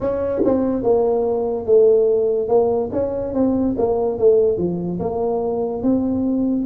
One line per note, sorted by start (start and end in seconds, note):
0.00 0.42 C#4
0.44 0.82 C4
0.82 1.66 A#3
1.66 2.48 A3
2.48 2.89 A#3
2.92 3.33 C#4
3.33 3.75 C4
3.77 4.18 A#3
4.18 4.57 A3
4.57 4.99 F3
4.99 5.83 A#3
5.83 6.65 C4